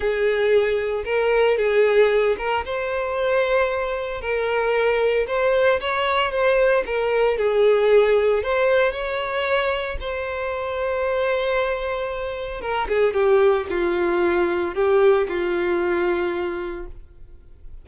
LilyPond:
\new Staff \with { instrumentName = "violin" } { \time 4/4 \tempo 4 = 114 gis'2 ais'4 gis'4~ | gis'8 ais'8 c''2. | ais'2 c''4 cis''4 | c''4 ais'4 gis'2 |
c''4 cis''2 c''4~ | c''1 | ais'8 gis'8 g'4 f'2 | g'4 f'2. | }